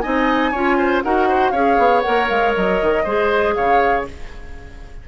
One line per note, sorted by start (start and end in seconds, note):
0.00 0.53 C4
0.00 0.53 D#4
0.00 0.51 D#5
0.00 1.01 G#5
0.51 1.04 C#4
0.51 1.04 F4
0.51 0.77 C#5
0.78 1.03 C5
1.03 1.52 D#4
1.03 1.54 F#4
1.03 1.28 A#4
1.03 1.51 F#5
1.28 1.52 C5
1.51 1.78 C#4
1.51 2.04 G#4
1.51 3.03 C#5
1.51 2.01 F5
1.78 2.03 B3
2.01 3.04 A#4
2.01 2.27 F#5
2.08 2.30 A#3
2.29 2.55 G#3
2.29 2.54 F5
2.55 2.82 F#3
2.55 3.54 D#5
2.82 3.05 D#3
3.04 3.56 G#3
3.04 4.08 G#4
3.04 3.54 C5
3.54 4.08 C#3
3.54 4.07 C#5
3.54 4.05 F5